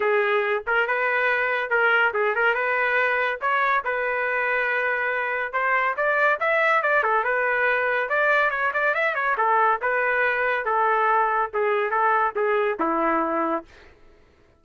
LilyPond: \new Staff \with { instrumentName = "trumpet" } { \time 4/4 \tempo 4 = 141 gis'4. ais'8 b'2 | ais'4 gis'8 ais'8 b'2 | cis''4 b'2.~ | b'4 c''4 d''4 e''4 |
d''8 a'8 b'2 d''4 | cis''8 d''8 e''8 cis''8 a'4 b'4~ | b'4 a'2 gis'4 | a'4 gis'4 e'2 | }